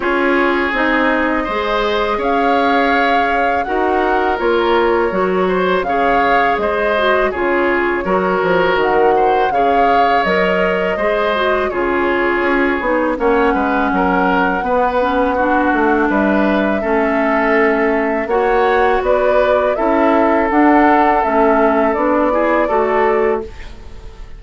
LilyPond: <<
  \new Staff \with { instrumentName = "flute" } { \time 4/4 \tempo 4 = 82 cis''4 dis''2 f''4~ | f''4 fis''4 cis''2 | f''4 dis''4 cis''2 | fis''4 f''4 dis''2 |
cis''2 fis''2~ | fis''2 e''2~ | e''4 fis''4 d''4 e''4 | fis''4 e''4 d''2 | }
  \new Staff \with { instrumentName = "oboe" } { \time 4/4 gis'2 c''4 cis''4~ | cis''4 ais'2~ ais'8 c''8 | cis''4 c''4 gis'4 ais'4~ | ais'8 c''8 cis''2 c''4 |
gis'2 cis''8 b'8 ais'4 | b'4 fis'4 b'4 a'4~ | a'4 cis''4 b'4 a'4~ | a'2~ a'8 gis'8 a'4 | }
  \new Staff \with { instrumentName = "clarinet" } { \time 4/4 f'4 dis'4 gis'2~ | gis'4 fis'4 f'4 fis'4 | gis'4. fis'8 f'4 fis'4~ | fis'4 gis'4 ais'4 gis'8 fis'8 |
f'4. dis'8 cis'2 | b8 cis'8 d'2 cis'4~ | cis'4 fis'2 e'4 | d'4 cis'4 d'8 e'8 fis'4 | }
  \new Staff \with { instrumentName = "bassoon" } { \time 4/4 cis'4 c'4 gis4 cis'4~ | cis'4 dis'4 ais4 fis4 | cis4 gis4 cis4 fis8 f8 | dis4 cis4 fis4 gis4 |
cis4 cis'8 b8 ais8 gis8 fis4 | b4. a8 g4 a4~ | a4 ais4 b4 cis'4 | d'4 a4 b4 a4 | }
>>